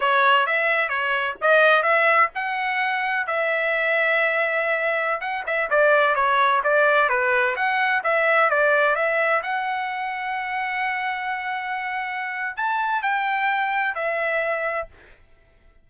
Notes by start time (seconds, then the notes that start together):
0.00 C#5
0.46 E5
0.88 C#5
1.41 D#5
1.82 E5
2.34 F#5
3.26 E5
5.20 F#5
5.46 E5
5.70 D5
6.15 C#5
6.63 D5
7.09 B4
7.55 F#5
8.03 E5
8.50 D5
8.95 E5
9.42 F#5
12.56 A5
13.02 G5
13.94 E5